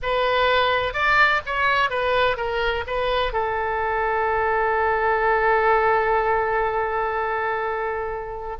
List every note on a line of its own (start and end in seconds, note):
0.02 0.93 B4
0.93 1.41 D5
1.46 1.90 C#5
1.90 2.37 B4
2.37 2.84 A#4
2.86 3.32 B4
3.32 8.56 A4